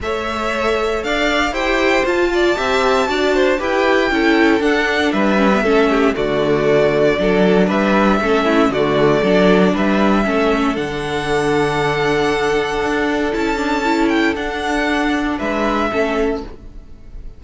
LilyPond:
<<
  \new Staff \with { instrumentName = "violin" } { \time 4/4 \tempo 4 = 117 e''2 f''4 g''4 | a''2. g''4~ | g''4 fis''4 e''2 | d''2. e''4~ |
e''4 d''2 e''4~ | e''4 fis''2.~ | fis''2 a''4. g''8 | fis''2 e''2 | }
  \new Staff \with { instrumentName = "violin" } { \time 4/4 cis''2 d''4 c''4~ | c''8 d''8 e''4 d''8 c''8 b'4 | a'2 b'4 a'8 g'8 | fis'2 a'4 b'4 |
a'8 e'8 fis'4 a'4 b'4 | a'1~ | a'1~ | a'2 b'4 a'4 | }
  \new Staff \with { instrumentName = "viola" } { \time 4/4 a'2. g'4 | f'4 g'4 fis'4 g'4 | e'4 d'4. cis'16 b16 cis'4 | a2 d'2 |
cis'4 a4 d'2 | cis'4 d'2.~ | d'2 e'8 d'8 e'4 | d'2. cis'4 | }
  \new Staff \with { instrumentName = "cello" } { \time 4/4 a2 d'4 e'4 | f'4 c'4 d'4 e'4 | cis'4 d'4 g4 a4 | d2 fis4 g4 |
a4 d4 fis4 g4 | a4 d2.~ | d4 d'4 cis'2 | d'2 gis4 a4 | }
>>